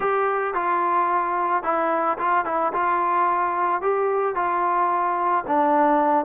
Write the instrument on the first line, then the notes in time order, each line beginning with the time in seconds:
trombone
0.00 G4
0.54 F4
1.63 E4
2.18 F4
2.45 E4
2.73 F4
3.81 G4
4.35 F4
5.47 D4